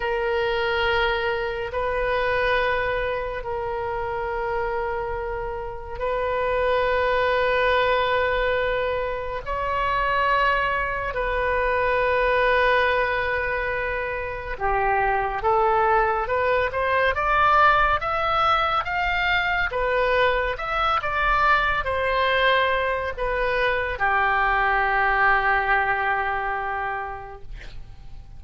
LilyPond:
\new Staff \with { instrumentName = "oboe" } { \time 4/4 \tempo 4 = 70 ais'2 b'2 | ais'2. b'4~ | b'2. cis''4~ | cis''4 b'2.~ |
b'4 g'4 a'4 b'8 c''8 | d''4 e''4 f''4 b'4 | e''8 d''4 c''4. b'4 | g'1 | }